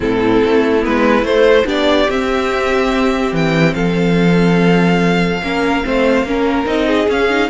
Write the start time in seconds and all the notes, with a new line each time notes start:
0.00 A2 C4 E4 A4
0.45 A3
0.81 G#3 B3 B4
1.22 A3 C5
1.65 B3 D4 G4 D5
2.09 C4 E5
3.32 E3 G5
3.74 F3 A4 F5
5.42 A#3 C#4 A#4
5.84 A3 C4 C5
6.23 A#3 C#4 A#4
6.65 C4 D#4 D#5
6.87 G#4
7.07 C#4 F5
7.29 D#4